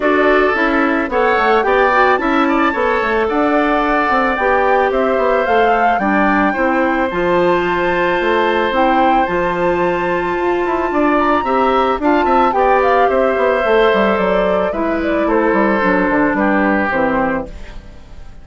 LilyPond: <<
  \new Staff \with { instrumentName = "flute" } { \time 4/4 \tempo 4 = 110 d''4 e''4 fis''4 g''4 | a''2 fis''2 | g''4 e''4 f''4 g''4~ | g''4 a''2. |
g''4 a''2.~ | a''8 ais''4. a''4 g''8 f''8 | e''2 d''4 e''8 d''8 | c''2 b'4 c''4 | }
  \new Staff \with { instrumentName = "oboe" } { \time 4/4 a'2 cis''4 d''4 | e''8 d''8 cis''4 d''2~ | d''4 c''2 d''4 | c''1~ |
c''1 | d''4 e''4 f''8 e''8 d''4 | c''2. b'4 | a'2 g'2 | }
  \new Staff \with { instrumentName = "clarinet" } { \time 4/4 fis'4 e'4 a'4 g'8 fis'8 | e'4 a'2. | g'2 a'4 d'4 | e'4 f'2. |
e'4 f'2.~ | f'4 g'4 f'4 g'4~ | g'4 a'2 e'4~ | e'4 d'2 c'4 | }
  \new Staff \with { instrumentName = "bassoon" } { \time 4/4 d'4 cis'4 b8 a8 b4 | cis'4 b8 a8 d'4. c'8 | b4 c'8 b8 a4 g4 | c'4 f2 a4 |
c'4 f2 f'8 e'8 | d'4 c'4 d'8 c'8 b4 | c'8 b8 a8 g8 fis4 gis4 | a8 g8 fis8 d8 g4 e4 | }
>>